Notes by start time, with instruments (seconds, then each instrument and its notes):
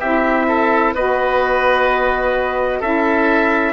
0.00 bassoon C4, saxophone E4, oboe G4, trumpet E5
0.49 oboe A4
0.95 bassoon B3, saxophone F#4, oboe B4, trumpet D#5
2.80 bassoon C#4, saxophone E4, oboe A4, trumpet E5